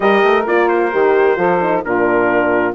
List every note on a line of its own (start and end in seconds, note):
0.00 0.22 G3
0.00 0.45 G4
0.00 1.37 A#4
0.00 0.45 D#5
0.23 0.46 A3
0.46 0.92 A#3
0.46 0.91 F4
0.46 0.68 D5
0.68 1.83 C5
0.91 1.37 D#3
0.91 1.36 G4
1.36 1.83 F3
1.36 1.59 F4
1.36 1.83 A4
1.61 1.84 D#4
1.84 2.74 A#2
1.84 2.74 D4
1.84 2.74 F4
1.84 2.74 A#4